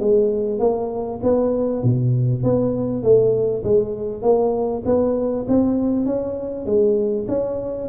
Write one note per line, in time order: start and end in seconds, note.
0.00 0.60 G#3
0.60 1.20 A#3
1.23 1.83 B3
1.83 2.44 B2
2.44 3.03 B3
3.03 3.64 A3
3.64 4.22 G#3
4.22 4.83 A#3
4.85 5.46 B3
5.48 6.06 C4
6.06 6.66 C#4
6.66 7.26 G#3
7.28 7.88 C#4